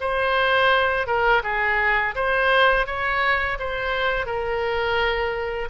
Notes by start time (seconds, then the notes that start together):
0.00 C5
1.06 A#4
1.43 G#4
2.15 C5
2.86 C#5
3.59 C5
4.26 A#4